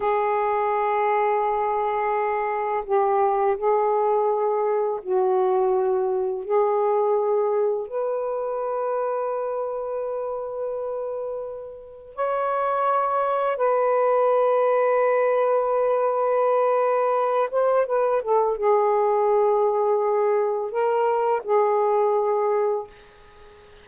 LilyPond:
\new Staff \with { instrumentName = "saxophone" } { \time 4/4 \tempo 4 = 84 gis'1 | g'4 gis'2 fis'4~ | fis'4 gis'2 b'4~ | b'1~ |
b'4 cis''2 b'4~ | b'1~ | b'8 c''8 b'8 a'8 gis'2~ | gis'4 ais'4 gis'2 | }